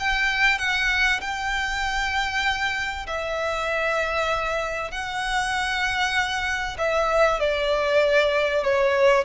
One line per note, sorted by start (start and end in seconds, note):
0.00 0.59 G5
0.59 1.21 F#5
1.21 3.07 G5
3.07 4.91 E5
4.91 6.77 F#5
6.78 7.40 E5
7.40 8.64 D5
8.64 9.25 C#5